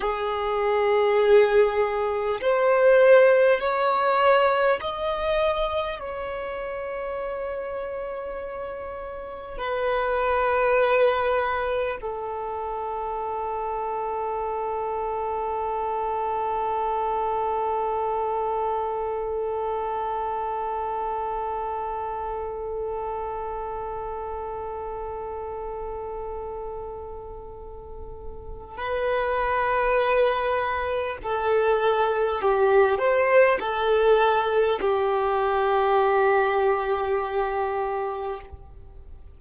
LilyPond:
\new Staff \with { instrumentName = "violin" } { \time 4/4 \tempo 4 = 50 gis'2 c''4 cis''4 | dis''4 cis''2. | b'2 a'2~ | a'1~ |
a'1~ | a'1 | b'2 a'4 g'8 c''8 | a'4 g'2. | }